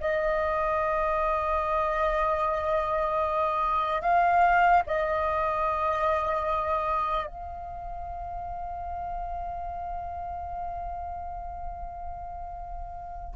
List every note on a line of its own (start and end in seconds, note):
0.00 4.01 D#5
4.01 4.82 F5
4.86 7.26 D#5
7.26 13.35 F5